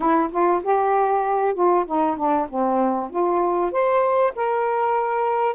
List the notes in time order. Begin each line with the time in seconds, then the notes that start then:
0.00 E4
0.31 F4
0.63 G4
1.54 F4
1.86 D#4
2.16 D4
2.49 C4
3.10 F4
3.71 C5
4.35 A#4